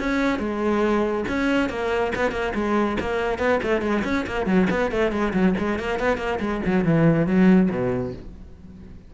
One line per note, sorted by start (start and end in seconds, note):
0.00 0.40 C#4
0.40 1.25 G#3
1.29 1.70 C#4
1.70 2.13 A#3
2.16 2.32 B3
2.32 2.53 A#3
2.55 2.98 G#3
3.01 3.39 A#3
3.39 3.60 B3
3.63 3.82 A3
3.82 4.03 G#3
4.05 4.26 C#4
4.27 4.47 A#3
4.47 4.68 F#3
4.71 4.92 B3
4.92 5.12 A3
5.12 5.34 G#3
5.34 5.55 F#3
5.59 5.79 G#3
5.79 6.00 A#3
6.00 6.18 B3
6.18 6.40 A#3
6.40 6.62 G#3
6.66 6.85 F#3
6.85 7.27 E3
7.27 7.70 F#3
7.71 8.14 B2